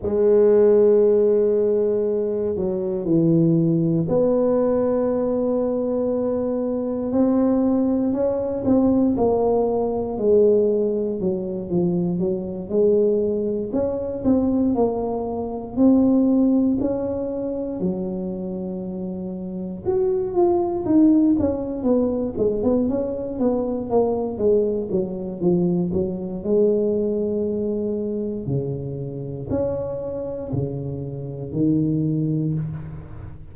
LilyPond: \new Staff \with { instrumentName = "tuba" } { \time 4/4 \tempo 4 = 59 gis2~ gis8 fis8 e4 | b2. c'4 | cis'8 c'8 ais4 gis4 fis8 f8 | fis8 gis4 cis'8 c'8 ais4 c'8~ |
c'8 cis'4 fis2 fis'8 | f'8 dis'8 cis'8 b8 gis16 b16 cis'8 b8 ais8 | gis8 fis8 f8 fis8 gis2 | cis4 cis'4 cis4 dis4 | }